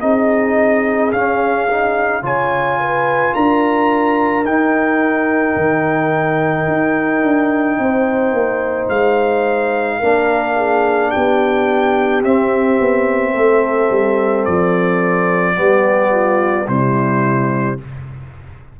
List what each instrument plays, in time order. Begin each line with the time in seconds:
0.00 tuba C4, trombone D#4, horn G#4, trumpet D#5
1.12 trombone C#4, tuba C#4, trumpet F5
1.69 trombone D#4
2.22 tuba C#3, trombone F4, horn C#5, trumpet G#5
2.79 horn B4
3.34 tuba D4, horn A#4, trumpet A#5
4.44 tuba D#4, trombone D#4, trumpet G5
5.56 tuba D#3
6.67 tuba D#4
7.22 tuba D4
7.78 tuba C4, horn C5
8.32 tuba A#3
8.89 tuba G#3, trumpet F5
9.99 tuba A#3, trombone D4, horn A#4
10.56 horn G#4
11.10 horn G4, trumpet G5
11.16 tuba B3
12.23 tuba C4, trombone C4, trumpet E5
12.80 tuba B3
13.34 tuba A3, horn A4
13.90 tuba G3
14.45 tuba F3, trumpet D5
15.55 tuba G3, trombone B3, horn G4
16.11 horn F4
16.67 tuba C3, trombone G3, horn E4, trumpet C5